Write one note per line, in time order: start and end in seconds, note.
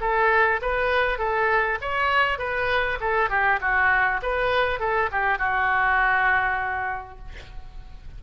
0.00 0.60 A4
0.61 1.18 B4
1.18 1.78 A4
1.81 2.38 C#5
2.38 2.98 B4
3.00 3.29 A4
3.29 3.59 G4
3.61 4.21 F#4
4.22 4.79 B4
4.79 5.09 A4
5.11 5.38 G4
5.38 7.18 F#4